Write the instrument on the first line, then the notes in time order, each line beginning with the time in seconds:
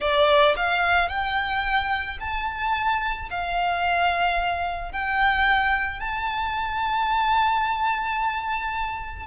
violin
0.00 D5
0.56 F5
1.09 G5
2.20 A5
3.30 F5
4.92 G5
5.99 A5